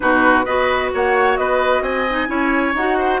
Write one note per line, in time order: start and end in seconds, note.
0.00 0.46 B2
0.00 0.43 D#4
0.00 0.45 F#4
0.00 0.44 B4
0.44 0.92 B3
0.44 2.07 F#4
0.44 0.91 B4
0.44 0.90 D#5
0.94 1.38 A#3
0.94 1.39 C#5
0.94 1.36 F#5
1.36 1.81 B3
1.36 1.82 B4
1.36 1.82 D#5
1.81 2.27 C4
1.81 2.28 D#5
1.81 2.74 G#5
2.09 2.27 D#4
2.27 2.74 C#4
2.27 2.73 E4
2.27 2.98 C#5
2.74 3.20 D#4
2.74 3.20 F#4
2.74 3.20 F#5
2.98 3.20 C5